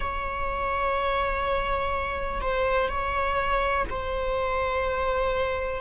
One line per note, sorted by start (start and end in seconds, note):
0.00 2.40 C#5
2.40 2.88 C5
2.88 3.85 C#5
3.89 5.80 C5